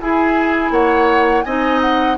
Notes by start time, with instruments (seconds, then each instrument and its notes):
0.00 clarinet E4, bassoon E4, oboe G#4, flute G#5
0.71 bassoon A#3, oboe C#5, flute F#5
1.43 bassoon C4, clarinet D#4, oboe D#5, flute G#5
1.81 flute F#5